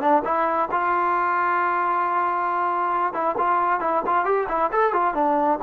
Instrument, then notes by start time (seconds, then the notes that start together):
trombone
0.00 D4
0.24 E4
0.71 F4
3.13 E4
3.37 F4
3.80 E4
4.06 F4
4.24 G4
4.48 E4
4.72 A4
4.93 F4
5.14 D4